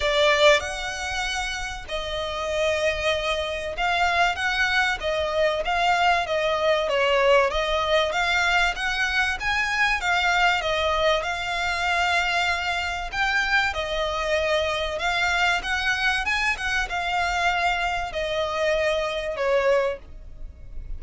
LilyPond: \new Staff \with { instrumentName = "violin" } { \time 4/4 \tempo 4 = 96 d''4 fis''2 dis''4~ | dis''2 f''4 fis''4 | dis''4 f''4 dis''4 cis''4 | dis''4 f''4 fis''4 gis''4 |
f''4 dis''4 f''2~ | f''4 g''4 dis''2 | f''4 fis''4 gis''8 fis''8 f''4~ | f''4 dis''2 cis''4 | }